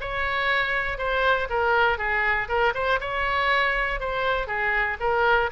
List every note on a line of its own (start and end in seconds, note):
0.00 0.97 C#5
0.97 1.47 C5
1.49 1.98 A#4
1.98 2.48 G#4
2.48 2.73 A#4
2.74 2.99 C5
3.00 4.00 C#5
4.00 4.47 C5
4.47 4.97 G#4
5.00 5.50 A#4